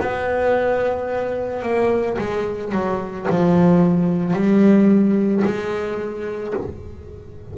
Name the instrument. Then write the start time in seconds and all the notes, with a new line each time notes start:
double bass
0.00 B3
1.62 A#3
2.18 G#3
2.72 F#3
3.29 F3
4.33 G3
5.44 G#3